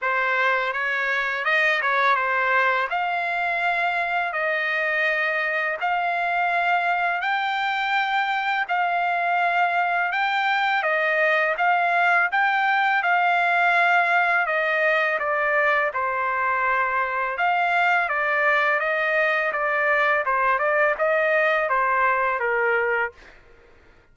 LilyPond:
\new Staff \with { instrumentName = "trumpet" } { \time 4/4 \tempo 4 = 83 c''4 cis''4 dis''8 cis''8 c''4 | f''2 dis''2 | f''2 g''2 | f''2 g''4 dis''4 |
f''4 g''4 f''2 | dis''4 d''4 c''2 | f''4 d''4 dis''4 d''4 | c''8 d''8 dis''4 c''4 ais'4 | }